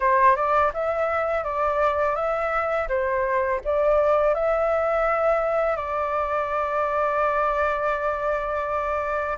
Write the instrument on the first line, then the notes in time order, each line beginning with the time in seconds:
flute
0.00 C5
0.35 D5
0.73 E5
1.44 D5
2.15 E5
2.88 C5
3.64 D5
4.34 E5
5.76 D5